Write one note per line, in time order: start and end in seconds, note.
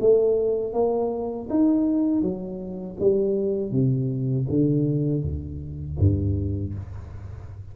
0.00 0.73 A3
0.73 1.48 A#3
1.50 2.21 D#4
2.21 2.96 F#3
2.99 3.71 G3
3.71 4.46 C3
4.48 5.23 D3
5.23 5.98 D2
5.99 6.74 G2